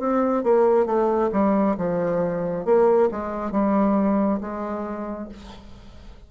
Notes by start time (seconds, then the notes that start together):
0.00 C4
0.44 A#3
0.86 A3
1.33 G3
1.78 F3
2.66 A#3
3.11 G#3
3.52 G3
4.41 G#3